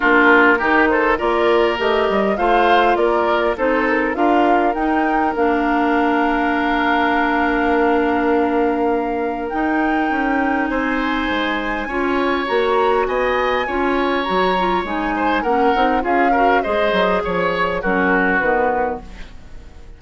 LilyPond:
<<
  \new Staff \with { instrumentName = "flute" } { \time 4/4 \tempo 4 = 101 ais'4. c''8 d''4 dis''4 | f''4 d''4 c''8 ais'8 f''4 | g''4 f''2.~ | f''1 |
g''2 gis''2~ | gis''4 ais''4 gis''2 | ais''4 gis''4 fis''4 f''4 | dis''4 cis''4 ais'4 b'4 | }
  \new Staff \with { instrumentName = "oboe" } { \time 4/4 f'4 g'8 a'8 ais'2 | c''4 ais'4 a'4 ais'4~ | ais'1~ | ais'1~ |
ais'2 c''2 | cis''2 dis''4 cis''4~ | cis''4. c''8 ais'4 gis'8 ais'8 | c''4 cis''4 fis'2 | }
  \new Staff \with { instrumentName = "clarinet" } { \time 4/4 d'4 dis'4 f'4 g'4 | f'2 dis'4 f'4 | dis'4 d'2.~ | d'1 |
dis'1 | f'4 fis'2 f'4 | fis'8 f'8 dis'4 cis'8 dis'8 f'8 fis'8 | gis'2 cis'4 b4 | }
  \new Staff \with { instrumentName = "bassoon" } { \time 4/4 ais4 dis4 ais4 a8 g8 | a4 ais4 c'4 d'4 | dis'4 ais2.~ | ais1 |
dis'4 cis'4 c'4 gis4 | cis'4 ais4 b4 cis'4 | fis4 gis4 ais8 c'8 cis'4 | gis8 fis8 f4 fis4 dis4 | }
>>